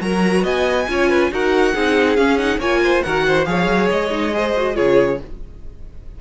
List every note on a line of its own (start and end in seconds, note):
0.00 0.45 F#3
0.00 0.86 F#4
0.00 0.44 A#4
0.00 0.45 A#5
0.44 0.88 B3
0.44 0.87 D#5
0.44 1.33 G#5
0.89 1.32 C#4
0.89 1.32 F4
0.89 1.10 C#5
1.10 1.31 B4
1.32 1.75 D#4
1.32 1.75 F#4
1.32 1.74 A#4
1.32 2.17 F#5
1.74 2.18 C4
1.74 2.18 D#4
1.74 2.59 G#4
2.17 2.39 C#4
2.17 2.58 C#4
2.17 2.38 F5
2.38 2.60 D#4
2.38 2.59 F#5
2.58 3.01 A#3
2.58 3.05 F4
2.58 2.81 C#5
2.58 3.03 G#5
2.84 3.05 C5
3.03 3.48 D#3
3.03 3.46 F#4
3.03 3.26 A#4
3.03 3.46 F#5
3.27 3.49 C5
3.46 3.67 F3
3.46 4.11 G#4
3.46 4.36 C#5
3.46 3.89 F5
3.67 3.88 F#3
3.91 4.78 G#3
3.91 4.77 D#5
4.11 4.32 D#4
4.33 4.55 G#4
4.33 4.76 C5
4.57 4.75 F#4
4.75 5.21 C#3
4.75 5.18 F4
4.75 5.19 G#4
4.75 5.20 C#5